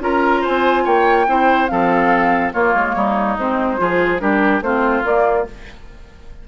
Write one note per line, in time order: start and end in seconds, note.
0.00 0.42 C#4
0.00 1.26 F4
0.00 0.41 A#4
0.00 0.44 A#5
0.41 0.83 C5
0.41 0.86 G#5
0.48 0.86 C4
0.84 1.27 A#3
0.84 1.26 C#5
0.84 1.67 G5
1.27 1.69 C4
1.27 1.68 E4
1.27 1.71 C5
1.67 2.54 F3
1.67 2.52 C4
1.67 2.53 A4
1.67 2.51 F5
2.53 3.38 A#3
2.53 2.74 A#3
2.53 2.95 F4
2.53 3.37 C#5
2.74 2.95 G#3
2.95 3.37 G3
2.95 3.80 D#4
3.38 3.79 G#3
3.38 3.77 C4
3.38 4.19 C5
3.77 4.21 F3
3.77 4.19 F4
3.77 4.21 G#4
4.19 4.61 G3
4.19 4.61 D4
4.19 4.63 G4
4.19 4.61 A#4
4.61 5.03 A3
4.61 5.03 C4
4.61 5.48 F4
4.61 5.04 C5
5.03 5.45 A#3
5.03 5.46 A#3
5.03 5.47 D5